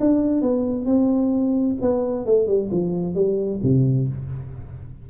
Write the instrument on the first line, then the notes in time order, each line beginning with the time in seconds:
tuba
0.00 D4
0.42 B3
0.86 C4
1.81 B3
2.26 A3
2.47 G3
2.71 F3
3.15 G3
3.63 C3